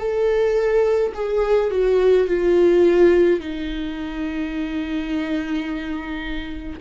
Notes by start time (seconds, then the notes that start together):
0.00 A4
1.15 G#4
1.71 F#4
2.28 F4
3.41 D#4